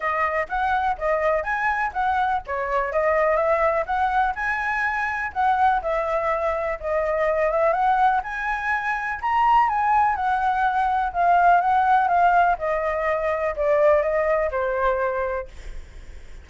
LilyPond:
\new Staff \with { instrumentName = "flute" } { \time 4/4 \tempo 4 = 124 dis''4 fis''4 dis''4 gis''4 | fis''4 cis''4 dis''4 e''4 | fis''4 gis''2 fis''4 | e''2 dis''4. e''8 |
fis''4 gis''2 ais''4 | gis''4 fis''2 f''4 | fis''4 f''4 dis''2 | d''4 dis''4 c''2 | }